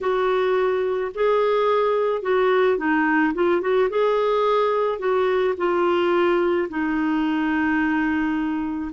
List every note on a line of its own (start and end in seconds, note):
0.01 1.12 F#4
1.14 2.22 G#4
2.22 2.77 F#4
2.77 3.33 D#4
3.34 3.61 F4
3.61 3.88 F#4
3.89 4.98 G#4
4.98 5.54 F#4
5.57 6.68 F4
6.69 8.91 D#4